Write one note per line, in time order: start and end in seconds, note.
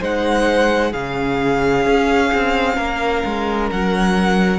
0.00 0.93 G#3
0.00 0.93 D#4
0.00 0.91 C5
0.00 0.92 F#5
0.91 1.85 C#3
0.91 4.58 C#4
0.91 2.75 G#4
0.91 3.69 F5
1.85 2.31 C#4
2.33 2.77 C4
2.75 3.23 A#3
2.75 4.58 A#4
3.25 3.71 G#3
3.70 4.58 F#3
3.70 4.58 F#5